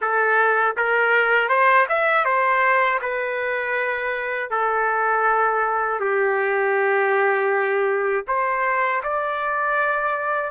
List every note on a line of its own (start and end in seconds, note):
0.01 0.76 A4
0.77 1.49 A#4
1.49 1.86 C5
1.89 2.24 E5
2.24 2.99 C5
3.01 4.50 B4
4.50 6.00 A4
6.00 8.25 G4
8.27 9.02 C5
9.03 10.51 D5